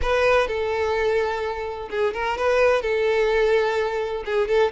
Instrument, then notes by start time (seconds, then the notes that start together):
violin
0.02 B4
0.47 A4
1.90 G#4
2.13 A#4
2.37 B4
2.82 A4
4.25 G#4
4.48 A4